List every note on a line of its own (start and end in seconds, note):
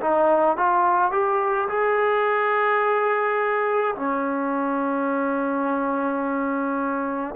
0.00 0.57 D#4
0.57 1.11 F4
1.11 1.68 G4
1.68 3.95 G#4
3.95 7.35 C#4